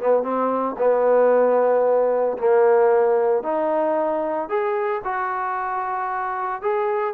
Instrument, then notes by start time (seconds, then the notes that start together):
trombone
0.00 B3
0.23 C4
0.78 B3
2.38 A#3
3.43 D#4
4.49 G#4
5.04 F#4
6.62 G#4